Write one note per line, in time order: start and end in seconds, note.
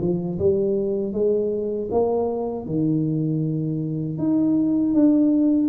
0.00 0.38 F3
0.39 1.13 G3
1.13 1.88 G#3
1.91 2.66 A#3
2.66 4.18 D#3
4.18 4.94 D#4
4.94 5.68 D4